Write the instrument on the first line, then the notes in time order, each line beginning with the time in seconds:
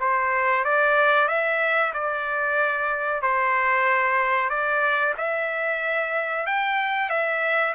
trumpet
0.00 C5
0.65 D5
1.28 E5
1.94 D5
3.22 C5
4.50 D5
5.17 E5
6.46 G5
7.09 E5